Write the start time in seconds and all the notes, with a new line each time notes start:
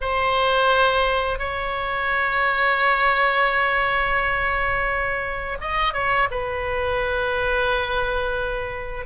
0.01 C5
1.39 C#5
5.60 D#5
5.93 C#5
6.30 B4